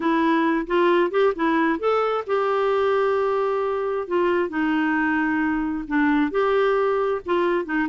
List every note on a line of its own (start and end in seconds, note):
0.00 0.66 E4
0.66 1.10 F4
1.10 1.33 G4
1.35 1.79 E4
1.79 2.24 A4
2.27 4.07 G4
4.07 4.49 F4
4.49 5.84 D#4
5.87 6.31 D4
6.31 7.21 G4
7.25 7.65 F4
7.65 7.87 D#4